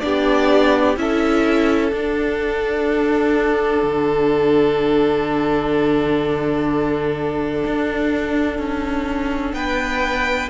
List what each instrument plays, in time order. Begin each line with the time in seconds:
0.00 cello B3, viola D4, violin G4 D5
0.96 cello C#4, viola E4, violin A4 E5
1.91 cello D4, viola D4, violin F#5
3.83 cello D3
7.65 cello D4
8.58 cello C#4
9.53 cello B3, violin B4 G5